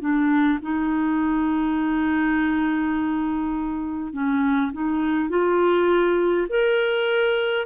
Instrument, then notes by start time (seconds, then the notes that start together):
clarinet
0.00 D4
0.62 D#4
4.13 C#4
4.72 D#4
5.29 F4
6.49 A#4